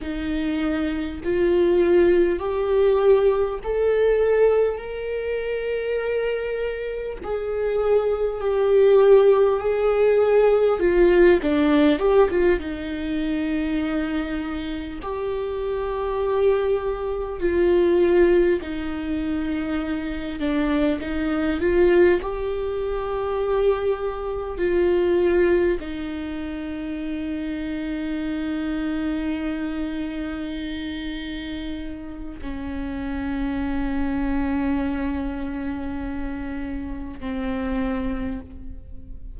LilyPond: \new Staff \with { instrumentName = "viola" } { \time 4/4 \tempo 4 = 50 dis'4 f'4 g'4 a'4 | ais'2 gis'4 g'4 | gis'4 f'8 d'8 g'16 f'16 dis'4.~ | dis'8 g'2 f'4 dis'8~ |
dis'4 d'8 dis'8 f'8 g'4.~ | g'8 f'4 dis'2~ dis'8~ | dis'2. cis'4~ | cis'2. c'4 | }